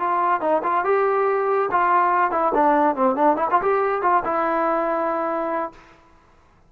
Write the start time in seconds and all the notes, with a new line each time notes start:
0.00 F4
0.41 D#4
0.63 F4
0.85 G4
1.71 F4
2.32 E4
2.54 D4
2.96 C4
3.16 D4
3.37 E4
3.51 F4
3.62 G4
4.02 F4
4.25 E4